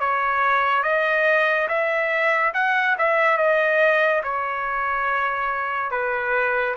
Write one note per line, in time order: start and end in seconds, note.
0.00 0.83 C#5
0.83 1.67 D#5
1.68 2.52 E5
2.54 2.96 F#5
2.98 3.37 E5
3.37 4.22 D#5
4.23 5.91 C#5
5.91 6.75 B4